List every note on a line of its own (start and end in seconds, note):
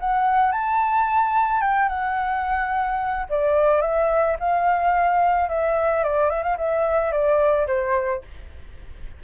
0.00 0.52 F#5
0.52 1.61 A5
1.61 1.88 G5
1.89 3.26 F#5
3.30 3.82 D5
3.82 4.37 E5
4.39 5.49 F5
5.49 6.04 E5
6.04 6.30 D5
6.30 6.43 E5
6.43 6.57 F5
6.58 7.12 E5
7.12 7.67 D5
7.67 8.22 C5